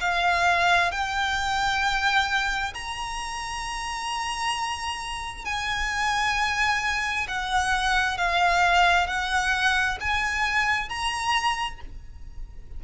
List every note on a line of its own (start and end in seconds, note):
0.00 0.91 F5
0.91 2.73 G5
2.74 5.45 A#5
5.45 7.27 G#5
7.28 8.17 F#5
8.17 9.07 F5
9.07 9.98 F#5
10.00 10.89 G#5
10.89 11.80 A#5